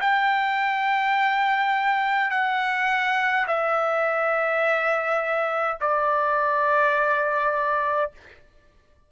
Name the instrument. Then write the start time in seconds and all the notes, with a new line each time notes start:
trumpet
0.00 G5
2.30 F#5
3.47 E5
5.80 D5